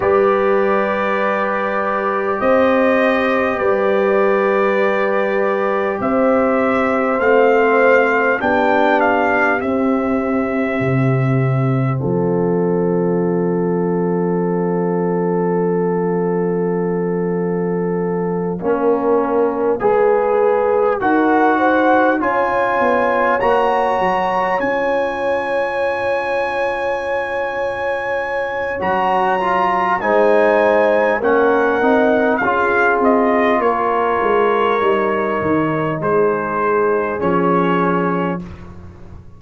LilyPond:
<<
  \new Staff \with { instrumentName = "trumpet" } { \time 4/4 \tempo 4 = 50 d''2 dis''4 d''4~ | d''4 e''4 f''4 g''8 f''8 | e''2 f''2~ | f''1~ |
f''4. fis''4 gis''4 ais''8~ | ais''8 gis''2.~ gis''8 | ais''4 gis''4 fis''4 f''8 dis''8 | cis''2 c''4 cis''4 | }
  \new Staff \with { instrumentName = "horn" } { \time 4/4 b'2 c''4 b'4~ | b'4 c''2 g'4~ | g'2 a'2~ | a'2.~ a'8 ais'8~ |
ais'8 b'4 ais'8 c''8 cis''4.~ | cis''1~ | cis''4 c''4 ais'4 gis'4 | ais'2 gis'2 | }
  \new Staff \with { instrumentName = "trombone" } { \time 4/4 g'1~ | g'2 c'4 d'4 | c'1~ | c'2.~ c'8 cis'8~ |
cis'8 gis'4 fis'4 f'4 fis'8~ | fis'8 f'2.~ f'8 | fis'8 f'8 dis'4 cis'8 dis'8 f'4~ | f'4 dis'2 cis'4 | }
  \new Staff \with { instrumentName = "tuba" } { \time 4/4 g2 c'4 g4~ | g4 c'4 a4 b4 | c'4 c4 f2~ | f2.~ f8 ais8~ |
ais8 gis4 dis'4 cis'8 b8 ais8 | fis8 cis'2.~ cis'8 | fis4 gis4 ais8 c'8 cis'8 c'8 | ais8 gis8 g8 dis8 gis4 f4 | }
>>